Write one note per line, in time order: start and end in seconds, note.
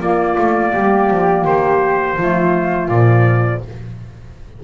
0.00 0.36 A#3
0.00 2.19 A#3
0.00 0.73 F4
0.00 1.45 D5
0.38 0.74 A3
0.73 1.10 G3
0.73 2.17 G4
1.10 1.45 F3
1.45 2.16 D#3
1.45 2.89 C5
2.16 2.89 F3
2.16 2.91 A3
2.16 3.62 F4
2.89 3.61 A#2
2.89 3.64 F3
2.89 3.61 D5